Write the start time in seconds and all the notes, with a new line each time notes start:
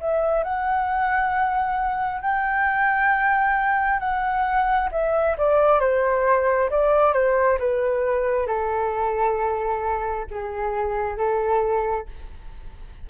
0.00 E5
0.44 F#5
2.21 G5
4.00 F#5
4.92 E5
5.38 D5
5.80 C5
6.70 D5
7.13 C5
7.59 B4
8.47 A4
10.31 G#4
11.17 A4